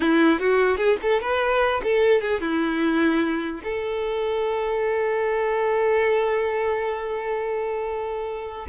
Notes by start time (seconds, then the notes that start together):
0.00 E4
0.39 F#4
0.77 G#4
1.02 A4
1.21 B4
1.83 A4
2.21 G#4
2.40 E4
3.63 A4